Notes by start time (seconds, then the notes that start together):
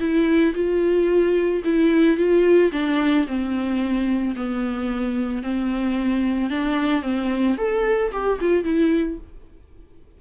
0.00 E4
0.55 F4
1.65 E4
2.17 F4
2.72 D4
3.27 C4
4.36 B3
5.43 C4
6.50 D4
7.03 C4
7.58 A4
8.12 G4
8.41 F4
8.64 E4